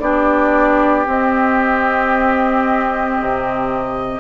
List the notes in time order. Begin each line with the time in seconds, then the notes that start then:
0.00 B3 D4 G4 D5
1.06 C4 D#5
3.20 C3